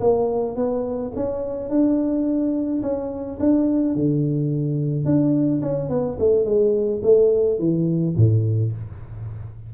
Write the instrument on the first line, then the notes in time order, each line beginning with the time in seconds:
tuba
0.00 A#3
0.56 B3
1.16 C#4
1.70 D4
2.83 C#4
3.40 D4
3.95 D3
5.05 D4
5.62 C#4
5.90 B3
6.19 A3
6.45 G#3
7.03 A3
7.59 E3
8.16 A2